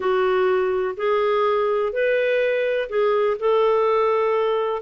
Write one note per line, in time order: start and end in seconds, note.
0.00 0.95 F#4
0.96 1.92 G#4
1.92 2.88 B4
2.89 3.37 G#4
3.39 4.82 A4